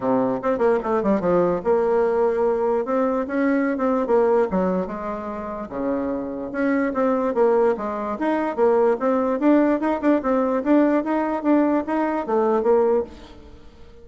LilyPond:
\new Staff \with { instrumentName = "bassoon" } { \time 4/4 \tempo 4 = 147 c4 c'8 ais8 a8 g8 f4 | ais2. c'4 | cis'4~ cis'16 c'8. ais4 fis4 | gis2 cis2 |
cis'4 c'4 ais4 gis4 | dis'4 ais4 c'4 d'4 | dis'8 d'8 c'4 d'4 dis'4 | d'4 dis'4 a4 ais4 | }